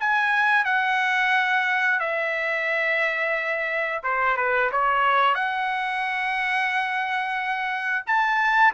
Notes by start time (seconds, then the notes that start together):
0.00 G#5
0.65 F#5
2.00 E5
4.04 C5
4.37 B4
4.72 C#5
5.35 F#5
8.07 A5